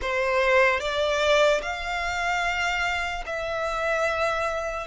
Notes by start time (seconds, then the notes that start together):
0.01 C5
0.80 D5
1.61 F5
3.26 E5